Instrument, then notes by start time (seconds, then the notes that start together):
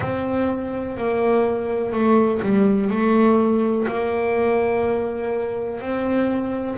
double bass
0.00 C4
0.97 A#3
1.92 A3
2.42 G3
2.89 A3
3.87 A#3
5.81 C4